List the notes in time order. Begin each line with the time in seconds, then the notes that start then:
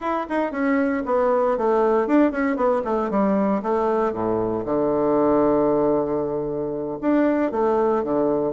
0.00 E4
0.29 D#4
0.51 C#4
1.05 B3
1.57 A3
2.07 D4
2.31 C#4
2.56 B3
2.84 A3
3.10 G3
3.62 A3
4.12 A2
4.65 D3
7.01 D4
7.51 A3
8.03 D3